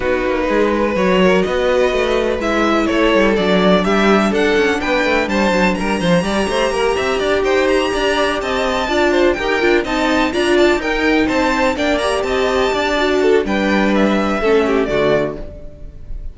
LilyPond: <<
  \new Staff \with { instrumentName = "violin" } { \time 4/4 \tempo 4 = 125 b'2 cis''4 dis''4~ | dis''4 e''4 cis''4 d''4 | e''4 fis''4 g''4 a''4 | ais''2.~ ais''8 g''8 |
ais''4. a''2 g''8~ | g''8 a''4 ais''8 a''8 g''4 a''8~ | a''8 g''8 ais''8 a''2~ a''8 | g''4 e''2 d''4 | }
  \new Staff \with { instrumentName = "violin" } { \time 4/4 fis'4 gis'8 b'4 ais'8 b'4~ | b'2 a'2 | g'4 a'4 b'4 c''4 | ais'8 c''8 d''8 c''8 ais'8 e''8 d''8 c''8~ |
c''8 d''4 dis''4 d''8 c''8 ais'8~ | ais'8 dis''4 d''4 ais'4 c''8~ | c''8 d''4 dis''4 d''4 a'8 | b'2 a'8 g'8 fis'4 | }
  \new Staff \with { instrumentName = "viola" } { \time 4/4 dis'2 fis'2~ | fis'4 e'2 d'4~ | d'1~ | d'4 g'2.~ |
g'2~ g'8 f'4 g'8 | f'8 dis'4 f'4 dis'4.~ | dis'8 d'8 g'2 fis'4 | d'2 cis'4 a4 | }
  \new Staff \with { instrumentName = "cello" } { \time 4/4 b8 ais8 gis4 fis4 b4 | a4 gis4 a8 g8 fis4 | g4 d'8 cis'8 b8 a8 g8 fis8 | g8 f8 g8 a8 ais8 c'8 d'8 dis'8~ |
dis'8 d'4 c'4 d'4 dis'8 | d'8 c'4 d'4 dis'4 c'8~ | c'8 ais4 c'4 d'4. | g2 a4 d4 | }
>>